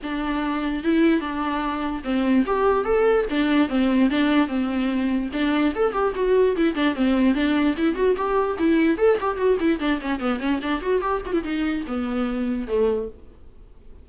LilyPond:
\new Staff \with { instrumentName = "viola" } { \time 4/4 \tempo 4 = 147 d'2 e'4 d'4~ | d'4 c'4 g'4 a'4 | d'4 c'4 d'4 c'4~ | c'4 d'4 a'8 g'8 fis'4 |
e'8 d'8 c'4 d'4 e'8 fis'8 | g'4 e'4 a'8 g'8 fis'8 e'8 | d'8 cis'8 b8 cis'8 d'8 fis'8 g'8 fis'16 e'16 | dis'4 b2 a4 | }